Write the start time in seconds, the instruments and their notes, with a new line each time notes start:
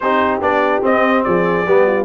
0.00 tuba C4, trombone D#4, horn G4, trumpet C5
0.40 tuba B3, trombone D4, trumpet D5
0.82 trombone C4, tuba C4, trumpet D#5
1.23 tuba F3, horn G#4, trumpet D5
1.66 tuba G3, trombone B3, horn G4
1.86 horn F4